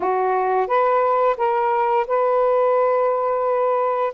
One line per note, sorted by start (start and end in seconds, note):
0.00 0.67 F#4
0.67 1.36 B4
1.37 2.06 A#4
2.07 4.13 B4